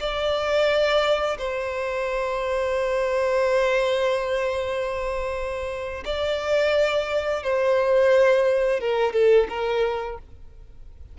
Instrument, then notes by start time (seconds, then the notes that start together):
violin
0.00 D5
1.39 C5
6.06 D5
7.43 C5
8.81 A#4
9.13 A4
9.50 A#4